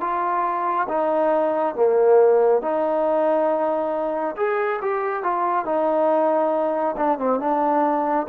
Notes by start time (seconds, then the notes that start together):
0.00 F4
0.88 D#4
1.75 A#3
2.61 D#4
4.36 G#4
4.81 G4
5.23 F4
5.65 D#4
6.96 D4
7.18 C4
7.40 D4